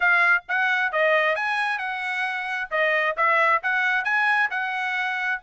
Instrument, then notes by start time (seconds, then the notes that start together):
trumpet
0.00 F5
0.48 F#5
0.92 D#5
1.35 G#5
1.78 F#5
2.70 D#5
3.17 E5
3.63 F#5
4.04 G#5
4.50 F#5